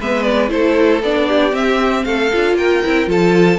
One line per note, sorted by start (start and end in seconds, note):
0.00 0.51 G#3
0.00 0.49 B3
0.00 0.52 B4
0.00 0.23 E5
0.23 0.49 D5
0.49 1.03 A3
0.49 1.01 E4
0.49 1.28 A4
0.49 1.02 C5
1.03 1.53 B3
1.03 1.52 D4
1.03 1.55 D5
1.28 2.06 G4
1.52 2.30 C4
1.52 2.05 C4
1.52 2.05 E5
2.05 2.32 A3
2.05 2.58 A4
2.05 2.56 F5
2.34 2.54 D4
2.34 2.84 F4
2.54 2.80 A#3
2.54 3.09 A#4
2.54 3.09 G5
2.84 3.08 C4
2.84 3.06 E4
3.06 3.59 F3
3.06 3.58 F4
3.06 3.59 A4
3.06 3.59 A5